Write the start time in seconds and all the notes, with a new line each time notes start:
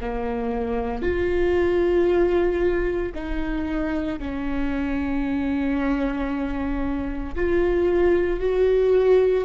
0.00 A#3
1.02 F4
3.14 D#4
4.19 C#4
7.35 F4
8.39 F#4